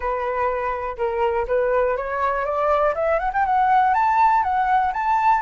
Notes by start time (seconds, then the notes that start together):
0.00 B4
0.97 A#4
1.47 B4
1.96 C#5
2.45 D5
2.94 E5
3.19 F#5
3.33 G5
3.45 F#5
3.94 A5
4.43 F#5
4.93 A5